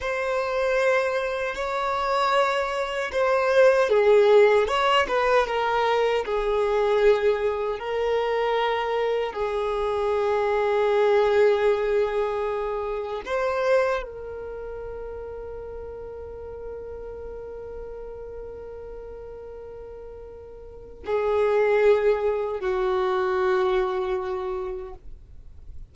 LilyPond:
\new Staff \with { instrumentName = "violin" } { \time 4/4 \tempo 4 = 77 c''2 cis''2 | c''4 gis'4 cis''8 b'8 ais'4 | gis'2 ais'2 | gis'1~ |
gis'4 c''4 ais'2~ | ais'1~ | ais'2. gis'4~ | gis'4 fis'2. | }